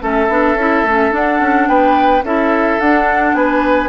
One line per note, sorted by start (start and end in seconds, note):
0.00 0.28 A3
0.00 0.28 C#4
0.00 1.69 A4
0.00 1.14 E5
0.28 0.55 B3
0.28 0.57 D4
0.55 0.83 C#4
0.55 0.86 E4
0.83 1.11 A3
0.83 1.11 C#4
1.11 2.22 D4
1.11 1.40 D4
1.11 1.68 F#5
1.40 1.67 C#4
1.67 2.23 B3
1.67 2.24 B4
1.67 2.23 G5
2.23 2.78 C#4
2.23 2.81 E4
2.23 3.36 A4
2.23 2.80 E5
2.80 3.34 D4
2.80 3.88 D4
2.80 3.35 F#5
3.34 3.88 B3
3.34 3.88 B4
3.34 3.88 G#5